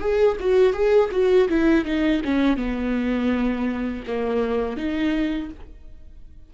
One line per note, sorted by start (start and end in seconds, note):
0.00 0.37 G#4
0.40 0.73 F#4
0.73 1.10 G#4
1.12 1.48 F#4
1.49 1.85 E4
1.85 2.22 D#4
2.25 2.57 C#4
2.57 4.03 B3
4.07 4.77 A#3
4.77 5.50 D#4